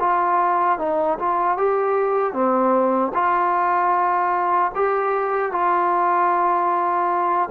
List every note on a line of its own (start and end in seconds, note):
0.00 0.79 F4
0.79 1.18 D#4
1.19 1.58 F4
1.58 2.33 G4
2.33 3.12 C4
3.14 4.72 F4
4.75 5.52 G4
5.52 7.50 F4